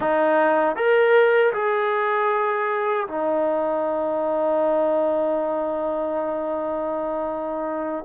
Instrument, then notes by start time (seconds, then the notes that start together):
trombone
0.00 D#4
0.76 A#4
1.53 G#4
3.07 D#4